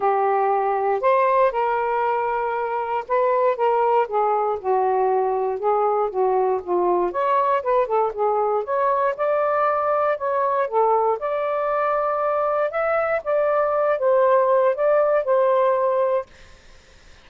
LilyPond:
\new Staff \with { instrumentName = "saxophone" } { \time 4/4 \tempo 4 = 118 g'2 c''4 ais'4~ | ais'2 b'4 ais'4 | gis'4 fis'2 gis'4 | fis'4 f'4 cis''4 b'8 a'8 |
gis'4 cis''4 d''2 | cis''4 a'4 d''2~ | d''4 e''4 d''4. c''8~ | c''4 d''4 c''2 | }